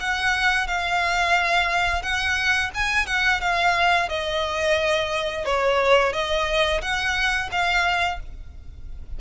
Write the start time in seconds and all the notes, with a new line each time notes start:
0.00 F#5
0.67 F5
2.02 F#5
2.75 G#5
3.07 F#5
3.41 F5
4.09 D#5
5.45 C#5
6.13 D#5
6.82 F#5
7.52 F5